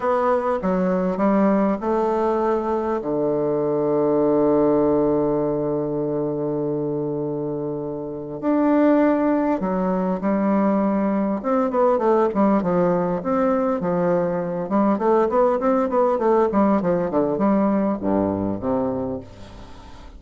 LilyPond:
\new Staff \with { instrumentName = "bassoon" } { \time 4/4 \tempo 4 = 100 b4 fis4 g4 a4~ | a4 d2.~ | d1~ | d2 d'2 |
fis4 g2 c'8 b8 | a8 g8 f4 c'4 f4~ | f8 g8 a8 b8 c'8 b8 a8 g8 | f8 d8 g4 g,4 c4 | }